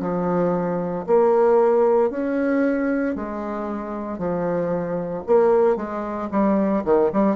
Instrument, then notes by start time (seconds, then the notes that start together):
bassoon
0.00 F3
1.07 A#3
2.10 C#4
3.16 G#3
4.18 F3
5.27 A#3
5.77 G#3
6.31 G3
6.85 D#3
7.12 G3